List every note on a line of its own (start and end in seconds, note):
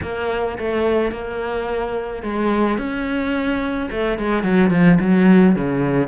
0.02 0.58 A#3
0.58 1.11 A3
1.11 2.22 A#3
2.22 2.78 G#3
2.78 3.89 C#4
3.90 4.18 A3
4.18 4.43 G#3
4.43 4.70 F#3
4.70 4.98 F3
4.99 5.55 F#3
5.55 6.08 C#3